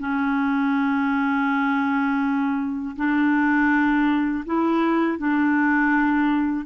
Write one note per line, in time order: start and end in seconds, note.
0.00 2.96 C#4
2.97 4.45 D4
4.46 5.18 E4
5.18 6.66 D4